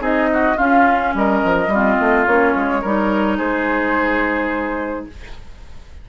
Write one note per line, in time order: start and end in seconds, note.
0.00 0.56 C4
0.00 0.56 D#4
0.00 0.29 G#4
0.00 0.58 D#5
0.34 0.57 F#4
0.57 1.69 C#4
0.57 1.15 C#4
0.57 1.13 F4
0.57 1.14 F5
1.15 1.43 G3
1.15 1.74 A#4
1.15 2.27 D#5
1.45 1.68 F3
1.68 1.96 G3
1.68 2.82 F4
1.75 2.28 C4
2.01 2.27 A3
2.27 2.55 A#3
2.27 2.84 C#4
2.27 3.39 C#5
2.56 2.84 G#3
2.82 3.40 G3
2.82 5.10 D#4
2.82 3.38 A#4
3.38 5.08 G#3
3.38 5.06 G#4
3.38 5.07 C5